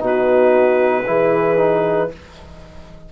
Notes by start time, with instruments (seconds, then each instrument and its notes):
0.00 bassoon B2, trombone D#4, horn F#4, clarinet B4
1.07 bassoon E3, trombone E4, horn G#4
1.57 trombone D#4